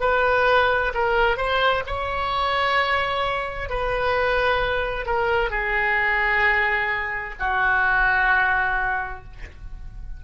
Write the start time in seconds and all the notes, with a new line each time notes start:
0.00 B4
0.94 A#4
1.37 C5
1.87 C#5
3.69 B4
5.06 A#4
5.50 G#4
7.39 F#4